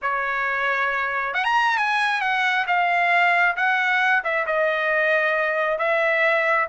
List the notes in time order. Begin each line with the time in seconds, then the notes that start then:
0.02 C#5
1.34 F#5
1.44 A#5
1.77 G#5
2.21 F#5
2.67 F5
3.56 F#5
4.23 E5
4.46 D#5
5.78 E5